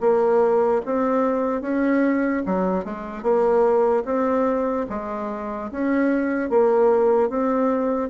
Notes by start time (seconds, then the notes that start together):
0.00 A#3
0.86 C4
1.61 C#4
2.46 F#3
2.85 G#3
3.22 A#3
4.05 C4
4.89 G#3
5.71 C#4
6.49 A#3
7.29 C4